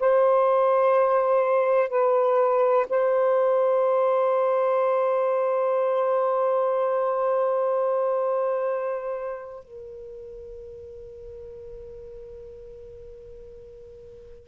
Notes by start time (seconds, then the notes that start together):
0.00 C5
1.90 B4
2.89 C5
9.64 A#4